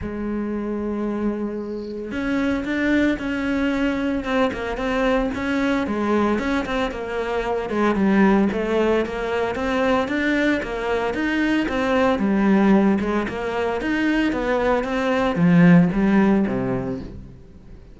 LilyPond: \new Staff \with { instrumentName = "cello" } { \time 4/4 \tempo 4 = 113 gis1 | cis'4 d'4 cis'2 | c'8 ais8 c'4 cis'4 gis4 | cis'8 c'8 ais4. gis8 g4 |
a4 ais4 c'4 d'4 | ais4 dis'4 c'4 g4~ | g8 gis8 ais4 dis'4 b4 | c'4 f4 g4 c4 | }